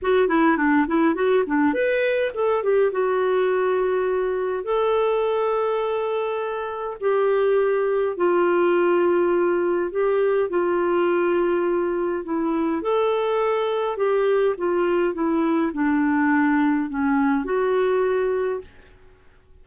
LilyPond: \new Staff \with { instrumentName = "clarinet" } { \time 4/4 \tempo 4 = 103 fis'8 e'8 d'8 e'8 fis'8 d'8 b'4 | a'8 g'8 fis'2. | a'1 | g'2 f'2~ |
f'4 g'4 f'2~ | f'4 e'4 a'2 | g'4 f'4 e'4 d'4~ | d'4 cis'4 fis'2 | }